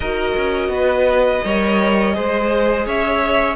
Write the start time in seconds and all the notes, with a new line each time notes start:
0.00 D#4 F#4 A#4 D#5
0.36 C#4
0.68 B3 B4
1.44 G3 A#4 C#5
2.13 G#3 G#4 C5
2.85 C#4 C#5 E5